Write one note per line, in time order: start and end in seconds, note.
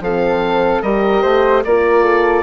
0.00 0.81 F3
0.00 0.84 C4
0.00 0.83 A4
0.00 0.82 F5
0.82 1.23 G3
0.82 1.65 G4
0.82 1.22 A#4
0.82 1.63 D#5
1.22 1.64 A3
1.22 1.63 C5
1.64 2.43 A#3
1.64 2.43 F4
1.64 2.03 A#4
1.64 2.43 D5
2.03 2.43 A4